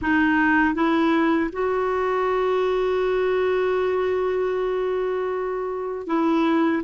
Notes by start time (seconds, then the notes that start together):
0.01 D#4
0.74 E4
1.52 F#4
6.07 E4